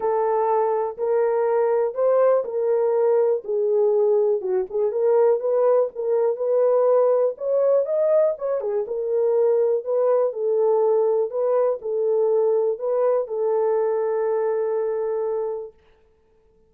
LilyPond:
\new Staff \with { instrumentName = "horn" } { \time 4/4 \tempo 4 = 122 a'2 ais'2 | c''4 ais'2 gis'4~ | gis'4 fis'8 gis'8 ais'4 b'4 | ais'4 b'2 cis''4 |
dis''4 cis''8 gis'8 ais'2 | b'4 a'2 b'4 | a'2 b'4 a'4~ | a'1 | }